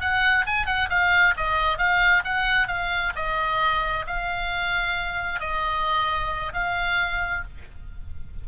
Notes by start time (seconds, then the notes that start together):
0.00 F#5
0.46 G#5
0.66 F#5
0.89 F5
1.37 D#5
1.78 F5
2.24 F#5
2.67 F5
3.15 D#5
4.07 F5
5.40 D#5
6.53 F5